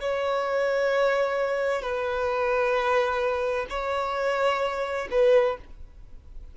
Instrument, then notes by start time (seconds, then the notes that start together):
violin
0.00 C#5
1.82 B4
3.69 C#5
5.11 B4